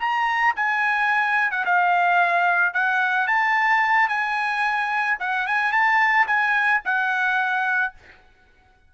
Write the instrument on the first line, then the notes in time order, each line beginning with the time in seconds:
trumpet
0.00 A#5
0.57 G#5
1.51 F#5
1.66 F5
2.74 F#5
3.28 A5
4.09 G#5
5.20 F#5
5.47 G#5
5.72 A5
6.27 G#5
6.85 F#5